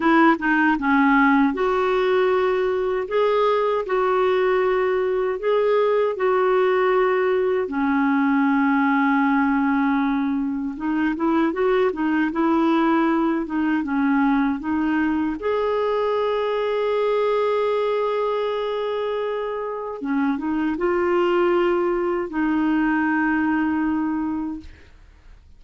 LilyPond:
\new Staff \with { instrumentName = "clarinet" } { \time 4/4 \tempo 4 = 78 e'8 dis'8 cis'4 fis'2 | gis'4 fis'2 gis'4 | fis'2 cis'2~ | cis'2 dis'8 e'8 fis'8 dis'8 |
e'4. dis'8 cis'4 dis'4 | gis'1~ | gis'2 cis'8 dis'8 f'4~ | f'4 dis'2. | }